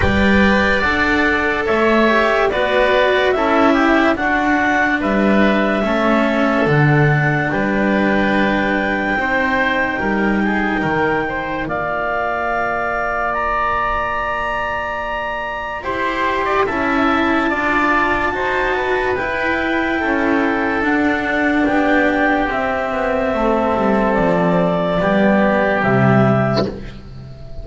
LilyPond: <<
  \new Staff \with { instrumentName = "clarinet" } { \time 4/4 \tempo 4 = 72 g''4 fis''4 e''4 d''4 | e''4 fis''4 e''2 | fis''4 g''2.~ | g''2 f''2 |
ais''2. c'''4 | a''2. g''4~ | g''4 fis''4 g''4 e''4~ | e''4 d''2 e''4 | }
  \new Staff \with { instrumentName = "oboe" } { \time 4/4 d''2 cis''4 b'4 | a'8 g'8 fis'4 b'4 a'4~ | a'4 b'2 c''4 | ais'8 gis'8 ais'8 c''8 d''2~ |
d''2. c''8. d''16 | e''4 d''4 c''8 b'4. | a'2 g'2 | a'2 g'2 | }
  \new Staff \with { instrumentName = "cello" } { \time 4/4 b'4 a'4. g'8 fis'4 | e'4 d'2 cis'4 | d'2. dis'4~ | dis'2 f'2~ |
f'2. g'4 | e'4 f'4 fis'4 e'4~ | e'4 d'2 c'4~ | c'2 b4 g4 | }
  \new Staff \with { instrumentName = "double bass" } { \time 4/4 g4 d'4 a4 b4 | cis'4 d'4 g4 a4 | d4 g2 c'4 | g4 dis4 ais2~ |
ais2. e'4 | cis'4 d'4 dis'4 e'4 | cis'4 d'4 b4 c'8 b8 | a8 g8 f4 g4 c4 | }
>>